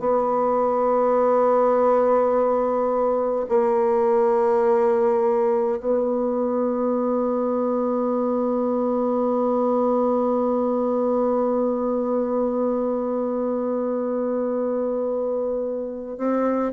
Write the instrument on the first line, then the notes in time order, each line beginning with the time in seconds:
bassoon
0.00 B3
3.49 A#3
5.80 B3
16.18 C4